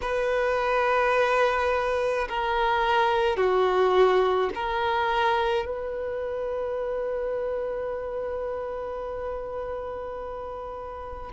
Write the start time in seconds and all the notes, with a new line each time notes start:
0.01 B4
2.28 A#4
3.37 F#4
4.54 A#4
5.66 B4